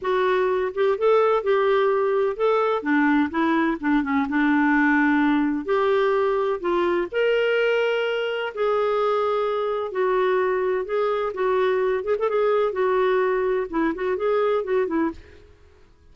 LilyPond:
\new Staff \with { instrumentName = "clarinet" } { \time 4/4 \tempo 4 = 127 fis'4. g'8 a'4 g'4~ | g'4 a'4 d'4 e'4 | d'8 cis'8 d'2. | g'2 f'4 ais'4~ |
ais'2 gis'2~ | gis'4 fis'2 gis'4 | fis'4. gis'16 a'16 gis'4 fis'4~ | fis'4 e'8 fis'8 gis'4 fis'8 e'8 | }